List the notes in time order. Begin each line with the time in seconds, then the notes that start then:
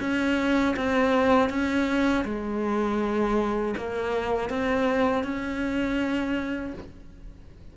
0.00 C#4
0.76 C4
1.49 C#4
2.25 G#3
3.77 A#3
4.49 C4
5.24 C#4